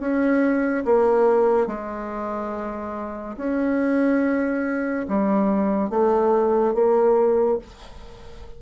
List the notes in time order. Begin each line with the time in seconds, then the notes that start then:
0.00 C#4
0.85 A#3
1.67 G#3
3.37 C#4
5.08 G3
5.90 A3
6.74 A#3